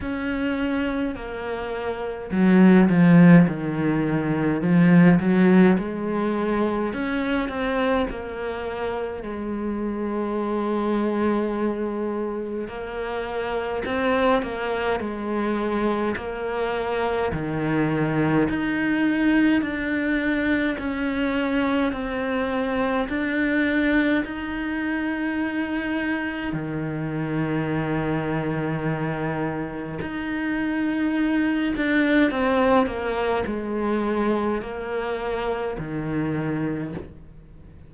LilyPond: \new Staff \with { instrumentName = "cello" } { \time 4/4 \tempo 4 = 52 cis'4 ais4 fis8 f8 dis4 | f8 fis8 gis4 cis'8 c'8 ais4 | gis2. ais4 | c'8 ais8 gis4 ais4 dis4 |
dis'4 d'4 cis'4 c'4 | d'4 dis'2 dis4~ | dis2 dis'4. d'8 | c'8 ais8 gis4 ais4 dis4 | }